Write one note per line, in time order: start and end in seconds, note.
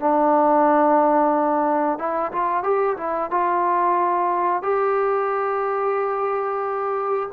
0.00 1.98 D4
1.98 2.32 E4
2.32 2.63 F4
2.63 2.97 G4
2.97 3.31 E4
3.31 4.63 F4
4.63 7.30 G4